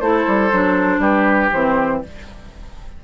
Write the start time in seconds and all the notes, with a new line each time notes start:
0.00 A3 E4 A4 C5
0.27 G3
0.52 F#3 D4
0.98 G3 G4 B4
1.52 E3 C4 C5